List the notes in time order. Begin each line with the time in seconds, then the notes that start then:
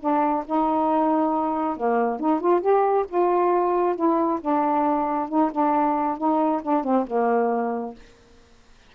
0.00 D4
0.46 D#4
1.77 A#3
2.20 D#4
2.40 F4
2.61 G4
3.08 F4
3.95 E4
4.41 D4
5.29 D#4
5.52 D4
6.17 D#4
6.62 D4
6.84 C4
7.07 A#3